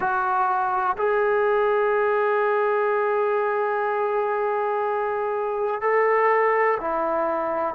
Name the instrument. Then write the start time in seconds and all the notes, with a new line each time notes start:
trombone
0.00 F#4
0.97 G#4
5.81 A4
6.80 E4